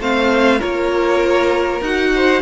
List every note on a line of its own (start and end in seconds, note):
0.00 0.61 A3
0.00 0.60 C4
0.00 0.59 C5
0.00 0.61 F5
0.59 1.81 A#3
0.59 1.81 F4
0.59 2.11 A#4
0.59 1.82 C#5
1.81 2.42 D#4
1.81 2.42 F#4
1.81 2.42 F#5
2.15 2.42 C5